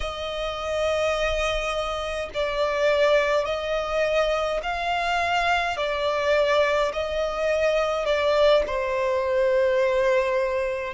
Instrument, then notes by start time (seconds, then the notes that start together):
violin
0.00 D#5
2.34 D5
3.45 D#5
4.62 F5
5.76 D5
6.92 D#5
8.05 D5
8.66 C5